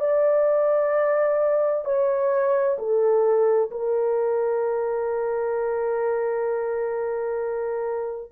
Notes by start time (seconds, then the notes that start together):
0.00 D5
1.85 C#5
2.78 A4
3.71 A#4